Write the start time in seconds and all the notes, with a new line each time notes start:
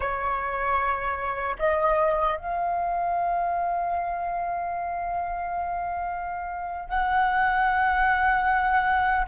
0.00 C#5
1.59 D#5
2.37 F5
6.89 F#5